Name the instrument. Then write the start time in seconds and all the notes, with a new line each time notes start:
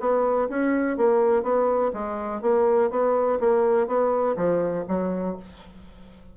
bassoon
0.00 B3
0.49 C#4
0.97 A#3
1.43 B3
1.94 G#3
2.42 A#3
2.90 B3
3.40 A#3
3.87 B3
4.37 F3
4.88 F#3